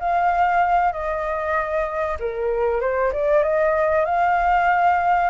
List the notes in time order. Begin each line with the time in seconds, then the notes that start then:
0.00 F5
0.93 D#5
2.20 A#4
2.81 C5
3.13 D5
3.43 D#5
4.05 F5